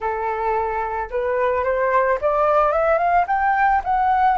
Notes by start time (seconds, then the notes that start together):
0.00 A4
1.10 B4
1.63 C5
2.21 D5
2.71 E5
2.98 F5
3.27 G5
3.83 F#5